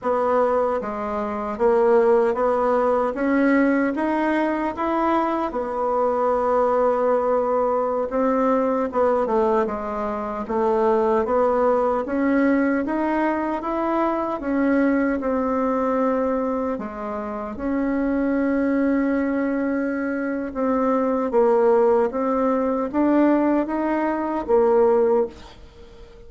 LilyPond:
\new Staff \with { instrumentName = "bassoon" } { \time 4/4 \tempo 4 = 76 b4 gis4 ais4 b4 | cis'4 dis'4 e'4 b4~ | b2~ b16 c'4 b8 a16~ | a16 gis4 a4 b4 cis'8.~ |
cis'16 dis'4 e'4 cis'4 c'8.~ | c'4~ c'16 gis4 cis'4.~ cis'16~ | cis'2 c'4 ais4 | c'4 d'4 dis'4 ais4 | }